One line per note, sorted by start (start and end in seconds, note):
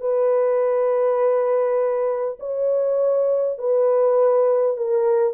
0.00 2.38 B4
2.40 3.58 C#5
3.58 4.76 B4
4.76 5.33 A#4